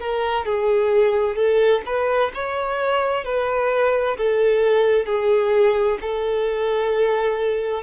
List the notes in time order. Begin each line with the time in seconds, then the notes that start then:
0.00 A#4
0.45 G#4
1.36 A4
1.85 B4
2.34 C#5
3.24 B4
4.17 A4
5.06 G#4
6.01 A4